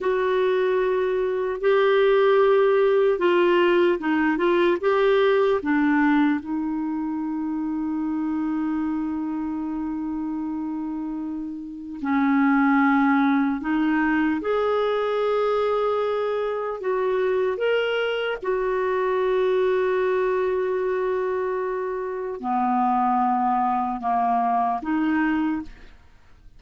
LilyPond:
\new Staff \with { instrumentName = "clarinet" } { \time 4/4 \tempo 4 = 75 fis'2 g'2 | f'4 dis'8 f'8 g'4 d'4 | dis'1~ | dis'2. cis'4~ |
cis'4 dis'4 gis'2~ | gis'4 fis'4 ais'4 fis'4~ | fis'1 | b2 ais4 dis'4 | }